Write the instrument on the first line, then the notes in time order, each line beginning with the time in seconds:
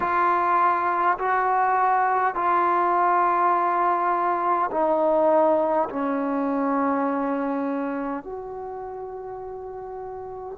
trombone
0.00 F4
1.18 F#4
2.34 F4
4.71 D#4
5.89 C#4
8.24 F#4